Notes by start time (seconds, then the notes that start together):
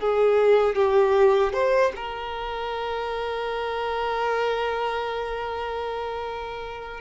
0.00 G#4
0.75 G4
1.53 C5
1.96 A#4